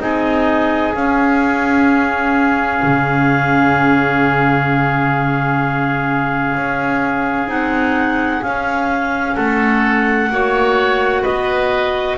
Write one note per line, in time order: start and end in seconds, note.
0.00 0.94 C4
0.00 0.94 D#4
0.00 9.36 G#4
0.00 0.94 D#5
0.94 2.82 C#4
0.94 7.48 C#4
0.94 7.51 F5
2.83 6.56 C#3
6.56 7.48 C#4
7.48 8.42 C4
7.48 8.42 D#4
7.48 8.43 F#5
8.43 9.37 C#4
8.43 10.32 C#4
8.43 9.36 F5
9.36 10.31 A3
9.36 10.30 A4
9.36 11.24 F#5
10.31 11.25 A#3
10.31 12.18 F#4
10.31 11.23 C#5
11.23 12.18 B3
11.23 12.17 B4
11.23 12.18 D#5